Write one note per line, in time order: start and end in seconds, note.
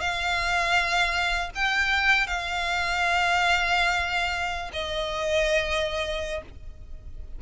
0.00 1.50 F5
1.55 2.27 G5
2.27 4.71 F5
4.73 6.42 D#5